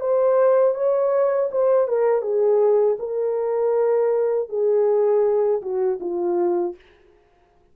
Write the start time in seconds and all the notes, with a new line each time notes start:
0.00 C5
0.75 C#5
1.51 C5
1.88 A#4
2.22 G#4
2.99 A#4
4.49 G#4
5.61 F#4
6.00 F4